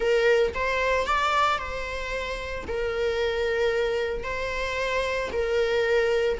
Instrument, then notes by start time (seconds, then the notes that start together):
viola
0.00 A#4
0.54 C5
1.06 D5
1.58 C5
2.67 A#4
4.23 C5
5.32 A#4